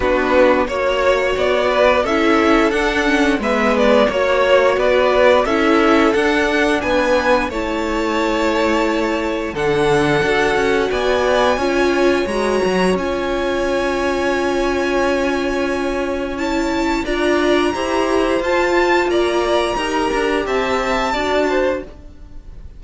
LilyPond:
<<
  \new Staff \with { instrumentName = "violin" } { \time 4/4 \tempo 4 = 88 b'4 cis''4 d''4 e''4 | fis''4 e''8 d''8 cis''4 d''4 | e''4 fis''4 gis''4 a''4~ | a''2 fis''2 |
gis''2 ais''4 gis''4~ | gis''1 | a''4 ais''2 a''4 | ais''2 a''2 | }
  \new Staff \with { instrumentName = "violin" } { \time 4/4 fis'4 cis''4. b'8 a'4~ | a'4 b'4 cis''4 b'4 | a'2 b'4 cis''4~ | cis''2 a'2 |
d''4 cis''2.~ | cis''1~ | cis''4 d''4 c''2 | d''4 ais'4 e''4 d''8 c''8 | }
  \new Staff \with { instrumentName = "viola" } { \time 4/4 d'4 fis'2 e'4 | d'8 cis'8 b4 fis'2 | e'4 d'2 e'4~ | e'2 d'4 fis'4~ |
fis'4 f'4 fis'4 f'4~ | f'1 | e'4 f'4 g'4 f'4~ | f'4 g'2 fis'4 | }
  \new Staff \with { instrumentName = "cello" } { \time 4/4 b4 ais4 b4 cis'4 | d'4 gis4 ais4 b4 | cis'4 d'4 b4 a4~ | a2 d4 d'8 cis'8 |
b4 cis'4 gis8 fis8 cis'4~ | cis'1~ | cis'4 d'4 e'4 f'4 | ais4 dis'8 d'8 c'4 d'4 | }
>>